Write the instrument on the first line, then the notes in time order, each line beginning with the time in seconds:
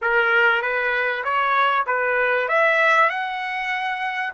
trumpet
0.01 A#4
0.62 B4
1.23 C#5
1.86 B4
2.48 E5
3.09 F#5